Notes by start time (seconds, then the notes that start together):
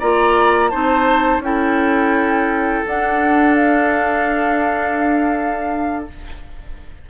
0.00 A#3 F4 D5 A#5
0.69 C4 D#4 C5 A5
1.39 C#4 E4 G5
1.46 A4
2.87 D4 F#5
3.56 F5